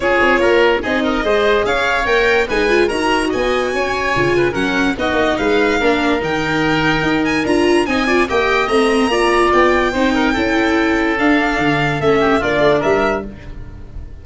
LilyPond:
<<
  \new Staff \with { instrumentName = "violin" } { \time 4/4 \tempo 4 = 145 cis''2 dis''2 | f''4 g''4 gis''4 ais''4 | gis''2. fis''4 | dis''4 f''2 g''4~ |
g''4. gis''8 ais''4 gis''4 | g''4 ais''2 g''4~ | g''2. f''4~ | f''4 e''4 d''4 e''4 | }
  \new Staff \with { instrumentName = "oboe" } { \time 4/4 gis'4 ais'4 gis'8 ais'8 c''4 | cis''2 b'4 ais'4 | dis''4 cis''4. b'8 ais'4 | fis'4 b'4 ais'2~ |
ais'2. dis''8 d''8 | dis''2 d''2 | c''8 ais'8 a'2.~ | a'4. g'8 f'4 ais'4 | }
  \new Staff \with { instrumentName = "viola" } { \time 4/4 f'2 dis'4 gis'4~ | gis'4 ais'4 dis'8 f'8 fis'4~ | fis'2 f'4 cis'4 | dis'2 d'4 dis'4~ |
dis'2 f'4 dis'8 f'8 | g'4 c'4 f'2 | dis'4 e'2 d'4~ | d'4 cis'4 d'2 | }
  \new Staff \with { instrumentName = "tuba" } { \time 4/4 cis'8 c'8 ais4 c'4 gis4 | cis'4 ais4 gis4 dis'4 | b4 cis'4 cis4 fis4 | b8 ais8 gis4 ais4 dis4~ |
dis4 dis'4 d'4 c'4 | ais4 a4 ais4 b4 | c'4 cis'2 d'4 | d4 a4 ais8 a8 g4 | }
>>